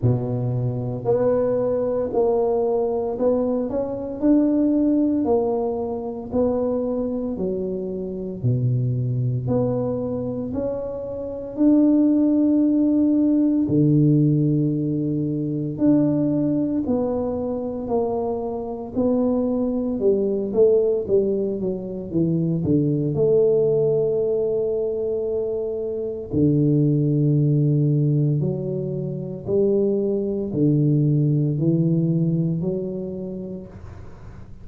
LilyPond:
\new Staff \with { instrumentName = "tuba" } { \time 4/4 \tempo 4 = 57 b,4 b4 ais4 b8 cis'8 | d'4 ais4 b4 fis4 | b,4 b4 cis'4 d'4~ | d'4 d2 d'4 |
b4 ais4 b4 g8 a8 | g8 fis8 e8 d8 a2~ | a4 d2 fis4 | g4 d4 e4 fis4 | }